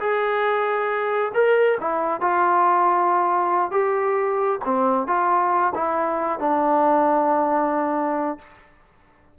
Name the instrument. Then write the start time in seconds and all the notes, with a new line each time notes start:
trombone
0.00 G#4
1.34 A#4
1.81 E4
2.21 F4
3.72 G4
4.65 C4
5.07 F4
5.75 E4
6.40 D4